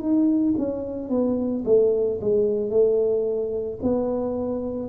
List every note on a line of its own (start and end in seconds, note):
0.00 0.55 D#4
0.58 1.09 C#4
1.09 1.64 B3
1.65 2.20 A3
2.21 2.70 G#3
2.70 3.79 A3
3.82 4.89 B3